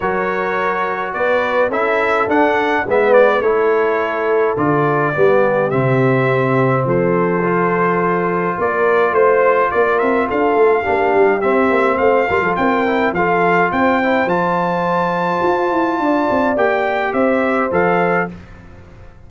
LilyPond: <<
  \new Staff \with { instrumentName = "trumpet" } { \time 4/4 \tempo 4 = 105 cis''2 d''4 e''4 | fis''4 e''8 d''8 cis''2 | d''2 e''2 | c''2. d''4 |
c''4 d''8 e''8 f''2 | e''4 f''4 g''4 f''4 | g''4 a''2.~ | a''4 g''4 e''4 f''4 | }
  \new Staff \with { instrumentName = "horn" } { \time 4/4 ais'2 b'4 a'4~ | a'4 b'4 a'2~ | a'4 g'2. | a'2. ais'4 |
c''4 ais'4 a'4 g'4~ | g'4 c''8 ais'16 a'16 ais'4 a'4 | c''1 | d''2 c''2 | }
  \new Staff \with { instrumentName = "trombone" } { \time 4/4 fis'2. e'4 | d'4 b4 e'2 | f'4 b4 c'2~ | c'4 f'2.~ |
f'2. d'4 | c'4. f'4 e'8 f'4~ | f'8 e'8 f'2.~ | f'4 g'2 a'4 | }
  \new Staff \with { instrumentName = "tuba" } { \time 4/4 fis2 b4 cis'4 | d'4 gis4 a2 | d4 g4 c2 | f2. ais4 |
a4 ais8 c'8 d'8 a8 ais8 g8 | c'8 ais8 a8 g16 f16 c'4 f4 | c'4 f2 f'8 e'8 | d'8 c'8 ais4 c'4 f4 | }
>>